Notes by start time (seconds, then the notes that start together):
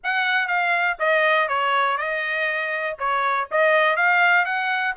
0.03 F#5
0.47 F5
0.99 D#5
1.48 C#5
1.97 D#5
2.98 C#5
3.51 D#5
3.96 F5
4.45 F#5